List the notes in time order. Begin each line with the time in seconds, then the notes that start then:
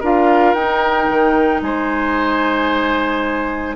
0.00 D4 F4 A#4 F5
0.54 D#4 G5
1.09 D#3
1.62 G#3 C5 G#5